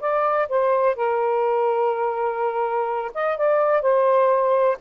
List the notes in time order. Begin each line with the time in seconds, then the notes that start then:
0.00 D5
0.48 C5
0.95 A#4
3.14 D#5
3.37 D5
3.82 C5